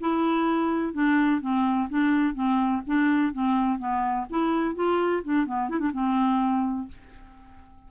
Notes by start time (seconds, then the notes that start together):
0.00 E4
0.93 D4
1.41 C4
1.89 D4
2.34 C4
2.87 D4
3.33 C4
3.78 B3
4.30 E4
4.75 F4
5.24 D4
5.46 B3
5.69 E4
5.79 D4
5.93 C4